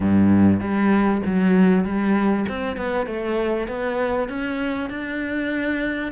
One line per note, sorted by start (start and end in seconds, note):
0.00 0.60 G2
0.60 1.21 G3
1.26 1.84 F#3
1.84 2.45 G3
2.48 2.77 C4
2.77 3.06 B3
3.06 3.67 A3
3.67 4.28 B3
4.28 4.89 C#4
4.89 6.11 D4